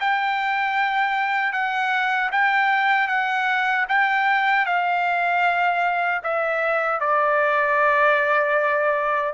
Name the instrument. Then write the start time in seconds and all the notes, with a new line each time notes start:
trumpet
0.00 G5
1.52 F#5
2.32 G5
3.08 F#5
3.89 G5
4.66 F5
6.23 E5
7.00 D5